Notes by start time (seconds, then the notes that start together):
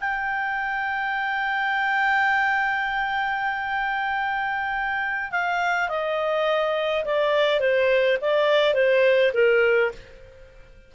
0.00 G5
5.31 F5
5.89 D#5
7.05 D5
7.60 C5
8.21 D5
8.74 C5
9.34 A#4